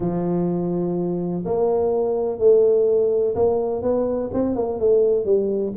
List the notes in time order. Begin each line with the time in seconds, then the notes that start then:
0.00 F3
1.45 A#3
2.38 A3
3.35 A#3
3.82 B3
4.33 C4
4.55 A#3
4.79 A3
5.25 G3